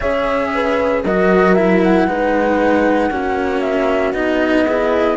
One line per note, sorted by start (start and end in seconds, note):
0.00 1.03 C#4
0.00 1.04 G#4
0.00 0.52 C#5
0.00 1.03 E5
0.54 1.04 B4
1.03 2.06 F#3
1.03 1.56 F#4
1.03 2.07 A#4
1.03 1.54 D#5
1.54 2.07 E4
1.54 1.80 E5
1.82 3.60 F#5
2.06 3.10 G#3
2.06 3.10 D#4
2.06 3.10 B4
3.10 4.12 A#3
3.10 4.14 C#4
3.10 4.65 F#4
3.60 4.12 E5
4.12 5.16 B3
4.12 4.66 D#4
4.12 5.17 D#5
4.66 5.17 E4
4.66 5.17 G#4